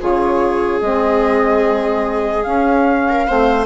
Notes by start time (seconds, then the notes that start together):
0.00 C#3 F4 G#4 C#5
0.81 G#3 C4 D#5
2.43 C#4 F5
3.09 A#4
3.27 A3 C4 C5